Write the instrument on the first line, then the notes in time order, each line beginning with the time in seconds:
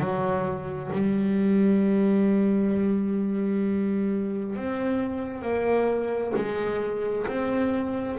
double bass
0.00 F#3
0.93 G3
4.56 C4
5.42 A#3
6.36 G#3
7.27 C4